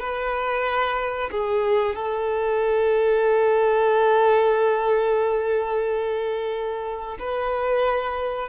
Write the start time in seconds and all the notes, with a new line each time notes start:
0.00 B4
1.32 G#4
1.96 A4
7.20 B4